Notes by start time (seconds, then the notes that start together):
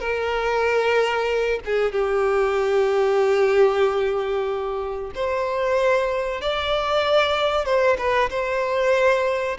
0.00 A#4
1.65 G#4
1.92 G4
5.15 C5
6.41 D5
7.65 C5
7.98 B4
8.30 C5